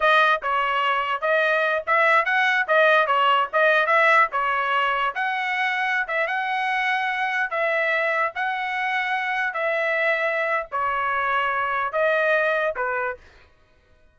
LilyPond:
\new Staff \with { instrumentName = "trumpet" } { \time 4/4 \tempo 4 = 146 dis''4 cis''2 dis''4~ | dis''8 e''4 fis''4 dis''4 cis''8~ | cis''8 dis''4 e''4 cis''4.~ | cis''8 fis''2~ fis''16 e''8 fis''8.~ |
fis''2~ fis''16 e''4.~ e''16~ | e''16 fis''2. e''8.~ | e''2 cis''2~ | cis''4 dis''2 b'4 | }